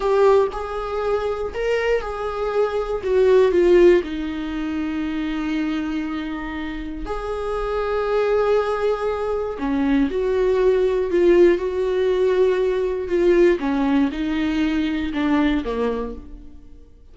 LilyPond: \new Staff \with { instrumentName = "viola" } { \time 4/4 \tempo 4 = 119 g'4 gis'2 ais'4 | gis'2 fis'4 f'4 | dis'1~ | dis'2 gis'2~ |
gis'2. cis'4 | fis'2 f'4 fis'4~ | fis'2 f'4 cis'4 | dis'2 d'4 ais4 | }